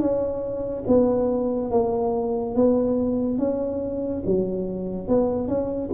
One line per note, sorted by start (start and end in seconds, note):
0.00 0.85 C#4
0.88 1.71 B3
1.71 2.56 A#3
2.56 3.39 B3
3.39 4.24 C#4
4.27 5.09 F#3
5.09 5.49 B3
5.49 5.91 C#4